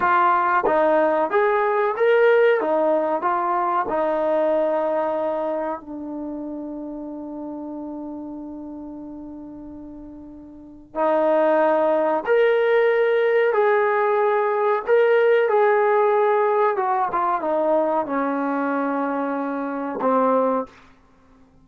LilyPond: \new Staff \with { instrumentName = "trombone" } { \time 4/4 \tempo 4 = 93 f'4 dis'4 gis'4 ais'4 | dis'4 f'4 dis'2~ | dis'4 d'2.~ | d'1~ |
d'4 dis'2 ais'4~ | ais'4 gis'2 ais'4 | gis'2 fis'8 f'8 dis'4 | cis'2. c'4 | }